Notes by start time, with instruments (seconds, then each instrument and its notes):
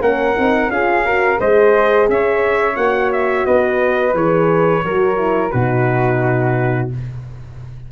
0.00 tuba A#3, horn C#4, flute A#4, trumpet F#5
0.34 tuba C4, horn D#4
0.69 tuba C#4, horn F4, flute G#4, trumpet F5
1.05 horn F#4, flute A#4
1.36 tuba G#3, horn G#4, flute C5, trumpet D#5
2.08 tuba C#4, flute C#5, trumpet E5
2.75 tuba A#3, horn F#4, trumpet F#5
3.12 trumpet E5
3.46 tuba B3, flute B4, trumpet D#5
4.13 tuba E3, horn G#4, trumpet C#5
4.83 tuba F#3, horn F#4, flute A#4
5.17 horn E4
5.50 tuba B2, horn D#4, flute F#4, trumpet B4